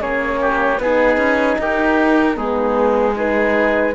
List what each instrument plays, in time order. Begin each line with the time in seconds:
0.00 cello A#3, horn C#4, oboe G#4, flute C#5
0.41 oboe G4
0.78 cello B3, horn D#4, oboe G#4, flute B4
1.17 cello C#4
1.58 cello D#4, oboe G4, flute A#4
2.35 cello G#3, horn B3, oboe D#4, flute G#4
3.14 horn D#4, oboe G#4, flute B4